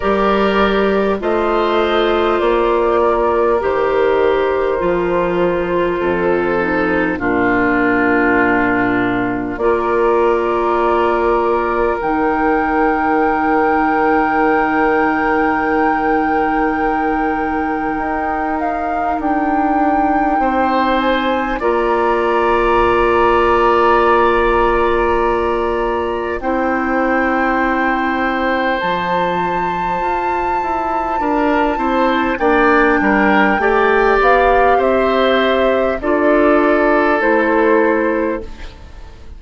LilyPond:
<<
  \new Staff \with { instrumentName = "flute" } { \time 4/4 \tempo 4 = 50 d''4 dis''4 d''4 c''4~ | c''2 ais'2 | d''2 g''2~ | g''2.~ g''8 f''8 |
g''4. gis''8 ais''2~ | ais''2 g''2 | a''2. g''4~ | g''8 f''8 e''4 d''4 c''4 | }
  \new Staff \with { instrumentName = "oboe" } { \time 4/4 ais'4 c''4. ais'4.~ | ais'4 a'4 f'2 | ais'1~ | ais'1~ |
ais'4 c''4 d''2~ | d''2 c''2~ | c''2 ais'8 c''8 d''8 ais'8 | d''4 c''4 a'2 | }
  \new Staff \with { instrumentName = "clarinet" } { \time 4/4 g'4 f'2 g'4 | f'4. dis'8 d'2 | f'2 dis'2~ | dis'1~ |
dis'2 f'2~ | f'2 e'2 | f'2~ f'8 e'8 d'4 | g'2 f'4 e'4 | }
  \new Staff \with { instrumentName = "bassoon" } { \time 4/4 g4 a4 ais4 dis4 | f4 f,4 ais,2 | ais2 dis2~ | dis2. dis'4 |
d'4 c'4 ais2~ | ais2 c'2 | f4 f'8 e'8 d'8 c'8 ais8 g8 | a8 b8 c'4 d'4 a4 | }
>>